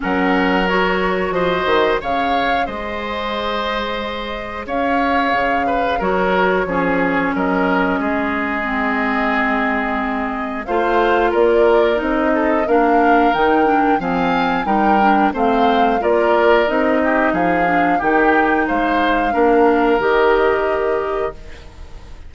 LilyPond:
<<
  \new Staff \with { instrumentName = "flute" } { \time 4/4 \tempo 4 = 90 fis''4 cis''4 dis''4 f''4 | dis''2. f''4~ | f''4 cis''2 dis''4~ | dis''1 |
f''4 d''4 dis''4 f''4 | g''4 gis''4 g''4 f''4 | d''4 dis''4 f''4 g''4 | f''2 dis''2 | }
  \new Staff \with { instrumentName = "oboe" } { \time 4/4 ais'2 c''4 cis''4 | c''2. cis''4~ | cis''8 b'8 ais'4 gis'4 ais'4 | gis'1 |
c''4 ais'4. a'8 ais'4~ | ais'4 f''4 ais'4 c''4 | ais'4. g'8 gis'4 g'4 | c''4 ais'2. | }
  \new Staff \with { instrumentName = "clarinet" } { \time 4/4 cis'4 fis'2 gis'4~ | gis'1~ | gis'4 fis'4 cis'2~ | cis'4 c'2. |
f'2 dis'4 d'4 | dis'8 d'8 c'4 dis'8 d'8 c'4 | f'4 dis'4. d'8 dis'4~ | dis'4 d'4 g'2 | }
  \new Staff \with { instrumentName = "bassoon" } { \time 4/4 fis2 f8 dis8 cis4 | gis2. cis'4 | cis4 fis4 f4 fis4 | gis1 |
a4 ais4 c'4 ais4 | dis4 f4 g4 a4 | ais4 c'4 f4 dis4 | gis4 ais4 dis2 | }
>>